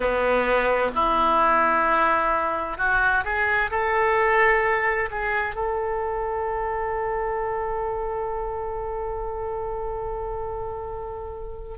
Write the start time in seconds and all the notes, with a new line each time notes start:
0.00 B3
0.94 E4
2.77 F#4
3.24 G#4
3.70 A4
5.10 G#4
5.55 A4